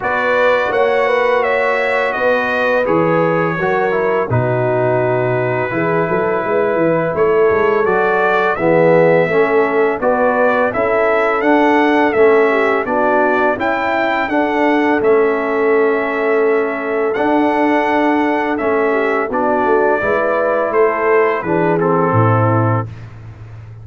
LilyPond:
<<
  \new Staff \with { instrumentName = "trumpet" } { \time 4/4 \tempo 4 = 84 d''4 fis''4 e''4 dis''4 | cis''2 b'2~ | b'2 cis''4 d''4 | e''2 d''4 e''4 |
fis''4 e''4 d''4 g''4 | fis''4 e''2. | fis''2 e''4 d''4~ | d''4 c''4 b'8 a'4. | }
  \new Staff \with { instrumentName = "horn" } { \time 4/4 b'4 cis''8 b'8 cis''4 b'4~ | b'4 ais'4 fis'2 | gis'8 a'8 b'4 a'2 | gis'4 a'4 b'4 a'4~ |
a'4. g'8 fis'4 e'4 | a'1~ | a'2~ a'8 g'8 fis'4 | b'4 a'4 gis'4 e'4 | }
  \new Staff \with { instrumentName = "trombone" } { \time 4/4 fis'1 | gis'4 fis'8 e'8 dis'2 | e'2. fis'4 | b4 cis'4 fis'4 e'4 |
d'4 cis'4 d'4 e'4 | d'4 cis'2. | d'2 cis'4 d'4 | e'2 d'8 c'4. | }
  \new Staff \with { instrumentName = "tuba" } { \time 4/4 b4 ais2 b4 | e4 fis4 b,2 | e8 fis8 gis8 e8 a8 gis8 fis4 | e4 a4 b4 cis'4 |
d'4 a4 b4 cis'4 | d'4 a2. | d'2 a4 b8 a8 | gis4 a4 e4 a,4 | }
>>